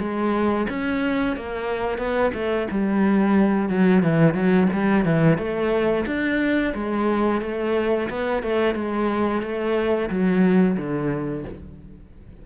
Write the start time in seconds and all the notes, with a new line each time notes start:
0.00 G#3
0.69 C#4
1.37 A#3
1.98 B3
2.34 A3
2.71 G3
3.70 F#3
4.03 E3
4.35 F#3
4.73 G3
5.05 E3
5.38 A3
6.07 D4
6.75 G#3
7.42 A3
8.10 B3
8.43 A3
8.75 G#3
9.42 A3
10.10 F#3
10.77 D3